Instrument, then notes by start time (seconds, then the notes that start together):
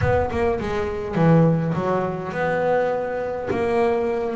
double bass
0.01 B3
0.30 A#3
0.60 G#3
1.15 E3
1.73 F#3
2.32 B3
3.50 A#3